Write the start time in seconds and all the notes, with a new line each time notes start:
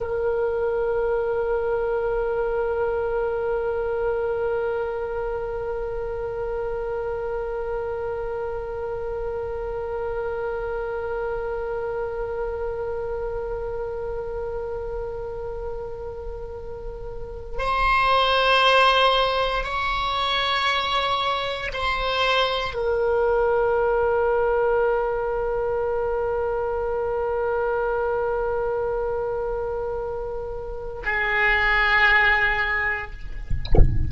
0.00 A#4
17.58 C5
19.64 C#5
21.73 C5
22.74 A#4
31.04 G#4